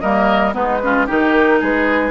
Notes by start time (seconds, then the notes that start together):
0.00 G3 A#3 A#4 D#5
0.52 G#3 B3 D#4 B4
0.82 C#4 F4
1.06 D#3 D#4 G4 A#4
1.60 G#3 G#4 B4